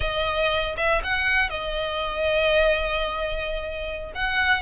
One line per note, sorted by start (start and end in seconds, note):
0.00 0.75 D#5
0.77 1.02 E5
1.03 1.49 F#5
1.49 4.12 D#5
4.15 4.62 F#5